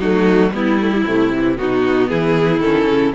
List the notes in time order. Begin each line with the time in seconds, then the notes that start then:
0.00 F#3 A3 D#4 F#4
0.52 G3 B3 E4
0.81 A3
0.91 G3
1.07 C3 A3
1.34 E3
1.57 B2 B3 D#4 F#4
2.09 E3 E4 G#4
2.60 D#3 C#4 A4
2.87 C#3